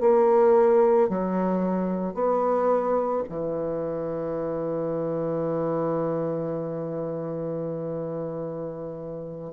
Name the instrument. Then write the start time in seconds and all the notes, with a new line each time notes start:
bassoon
0.00 A#3
1.09 F#3
2.14 B3
3.29 E3